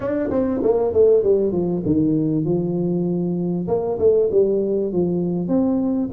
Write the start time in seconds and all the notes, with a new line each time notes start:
0.00 D4
0.30 C4
0.63 A#3
0.93 A3
1.23 G3
1.51 F3
1.85 D#3
2.44 F3
3.67 A#3
3.99 A3
4.31 G3
4.92 F3
5.47 C4